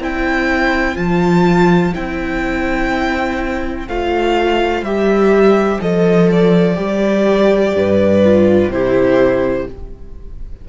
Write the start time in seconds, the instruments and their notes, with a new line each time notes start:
0.00 cello C4, viola E4, violin C5 G5
0.96 cello F3, viola F4, violin A5
1.94 cello C4, viola E4, violin G5
3.88 cello A3, viola F4, violin F5
4.82 cello G3, viola G4, violin E5
5.81 cello F3, viola A4, violin D#5
6.32 violin D5
6.75 cello G3, viola G4
7.75 cello G2, violin B4
8.24 viola F4
8.68 cello C3, viola E4, violin G4 C5